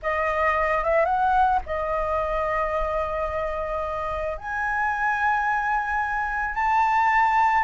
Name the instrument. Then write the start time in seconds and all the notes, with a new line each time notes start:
flute
0.02 D#5
0.84 E5
1.05 F#5
1.66 D#5
4.37 G#5
6.54 A5